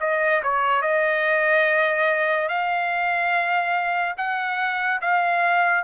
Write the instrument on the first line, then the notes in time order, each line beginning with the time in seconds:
trumpet
0.00 D#5
0.43 C#5
0.82 D#5
2.48 F5
4.17 F#5
5.01 F5